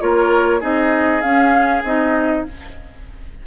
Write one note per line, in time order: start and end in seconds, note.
0.00 0.62 A#3
0.00 0.60 F4
0.00 0.60 A#4
0.00 0.62 C#5
0.60 1.23 C4
0.60 1.21 D#4
0.60 2.44 G#4
0.60 1.21 D#5
1.21 1.83 C#4
1.21 1.84 C#4
1.21 1.82 F5
1.83 2.44 C4
1.83 2.46 D#4
1.83 2.46 D#5